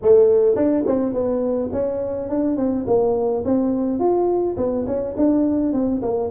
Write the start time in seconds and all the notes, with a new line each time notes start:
0.02 A3
0.55 D4
0.86 C4
1.13 B3
1.72 C#4
2.29 D4
2.56 C4
2.86 A#3
3.44 C4
3.99 F4
4.57 B3
4.86 C#4
5.16 D4
5.72 C4
6.02 A#3